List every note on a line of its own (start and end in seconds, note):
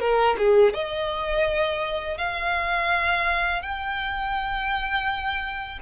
0.00 0.36 A#4
0.38 0.74 G#4
0.74 2.18 D#5
2.18 3.62 F5
3.62 5.79 G5